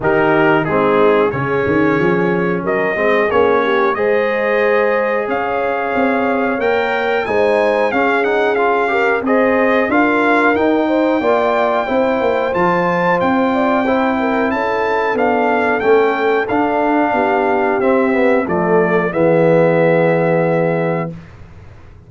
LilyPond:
<<
  \new Staff \with { instrumentName = "trumpet" } { \time 4/4 \tempo 4 = 91 ais'4 gis'4 cis''2 | dis''4 cis''4 dis''2 | f''2 g''4 gis''4 | f''8 fis''8 f''4 dis''4 f''4 |
g''2. a''4 | g''2 a''4 f''4 | g''4 f''2 e''4 | d''4 e''2. | }
  \new Staff \with { instrumentName = "horn" } { \time 4/4 g'4 dis'4 gis'2 | ais'8 gis'4 g'8 c''2 | cis''2. c''4 | gis'4. ais'8 c''4 ais'4~ |
ais'8 c''8 d''4 c''2~ | c''8 d''8 c''8 ais'8 a'2~ | a'2 g'2 | a'4 gis'2. | }
  \new Staff \with { instrumentName = "trombone" } { \time 4/4 dis'4 c'4 cis'2~ | cis'8 c'8 cis'4 gis'2~ | gis'2 ais'4 dis'4 | cis'8 dis'8 f'8 g'8 gis'4 f'4 |
dis'4 f'4 e'4 f'4~ | f'4 e'2 d'4 | cis'4 d'2 c'8 b8 | a4 b2. | }
  \new Staff \with { instrumentName = "tuba" } { \time 4/4 dis4 gis4 cis8 dis8 f4 | fis8 gis8 ais4 gis2 | cis'4 c'4 ais4 gis4 | cis'2 c'4 d'4 |
dis'4 ais4 c'8 ais8 f4 | c'2 cis'4 b4 | a4 d'4 b4 c'4 | f4 e2. | }
>>